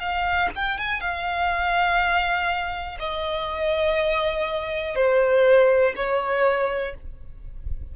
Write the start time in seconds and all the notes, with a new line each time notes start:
0.00 F5
0.56 G5
0.79 G#5
1.01 F5
3.00 D#5
4.96 C5
5.96 C#5